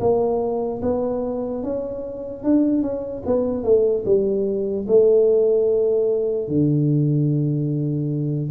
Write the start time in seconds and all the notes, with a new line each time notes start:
0.00 A#3
0.82 B3
1.63 C#4
2.44 D4
2.82 C#4
3.26 B3
3.63 A3
4.05 G3
4.88 A3
6.48 D3